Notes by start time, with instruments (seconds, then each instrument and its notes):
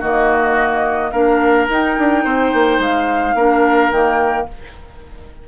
0.00 bassoon D#3, clarinet A#3, oboe F#4, flute D#5
1.11 bassoon A#3, clarinet D4, oboe A#4, flute F5
1.69 bassoon D#4, clarinet D#4, flute G5
1.99 bassoon D4
2.25 bassoon C4, oboe C5
2.53 bassoon A#3
2.79 bassoon G#3, flute F5
3.34 bassoon A#3, clarinet D4, oboe A#4
3.91 bassoon D#3, clarinet A#3, flute G5